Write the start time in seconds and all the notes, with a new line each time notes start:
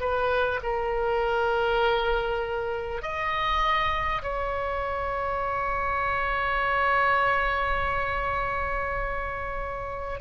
0.00 B4
0.63 A#4
3.02 D#5
4.23 C#5